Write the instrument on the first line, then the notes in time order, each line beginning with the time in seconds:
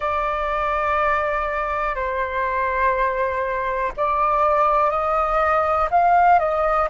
flute
0.00 D5
1.95 C5
3.97 D5
4.90 D#5
5.90 F5
6.39 D#5